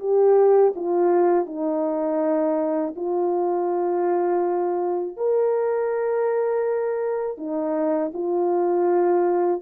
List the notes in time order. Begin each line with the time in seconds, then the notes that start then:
0.00 G4
0.76 F4
1.46 D#4
2.96 F4
5.17 A#4
7.38 D#4
8.14 F4